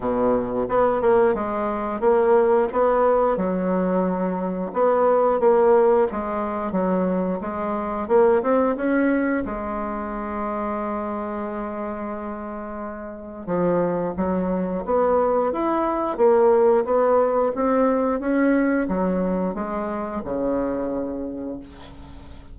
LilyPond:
\new Staff \with { instrumentName = "bassoon" } { \time 4/4 \tempo 4 = 89 b,4 b8 ais8 gis4 ais4 | b4 fis2 b4 | ais4 gis4 fis4 gis4 | ais8 c'8 cis'4 gis2~ |
gis1 | f4 fis4 b4 e'4 | ais4 b4 c'4 cis'4 | fis4 gis4 cis2 | }